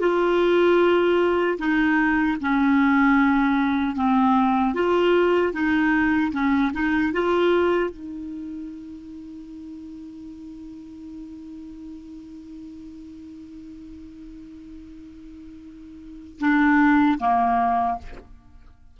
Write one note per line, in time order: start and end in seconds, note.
0.00 1.58 F4
1.58 2.37 D#4
2.41 3.95 C#4
3.95 4.74 C4
4.74 5.53 F4
5.53 6.32 D#4
6.32 6.71 C#4
6.73 7.12 D#4
7.12 7.90 F4
7.90 16.39 D#4
16.40 17.19 D4
17.19 17.98 A#3